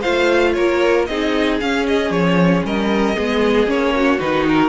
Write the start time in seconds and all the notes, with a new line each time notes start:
0.00 A3 F4 C5 F5
0.53 A#3 A#4 C#5
1.06 C4 D#4 G#4 D#5
1.60 C#4 F5
1.87 D#5
2.10 F3 C#5
2.64 G3 A#4 D#5
3.15 G#3 B3 G#4
3.66 A#3 C#4 C#5
3.95 F#4
4.19 D#3 D#4 B4
4.48 A#4